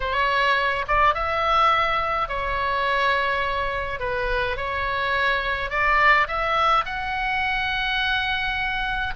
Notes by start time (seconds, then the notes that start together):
0.00 C#5
0.87 D5
1.14 E5
2.28 C#5
3.99 B4
4.56 C#5
5.70 D5
6.27 E5
6.85 F#5